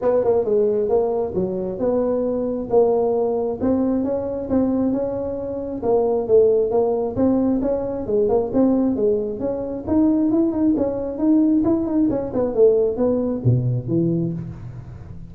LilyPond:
\new Staff \with { instrumentName = "tuba" } { \time 4/4 \tempo 4 = 134 b8 ais8 gis4 ais4 fis4 | b2 ais2 | c'4 cis'4 c'4 cis'4~ | cis'4 ais4 a4 ais4 |
c'4 cis'4 gis8 ais8 c'4 | gis4 cis'4 dis'4 e'8 dis'8 | cis'4 dis'4 e'8 dis'8 cis'8 b8 | a4 b4 b,4 e4 | }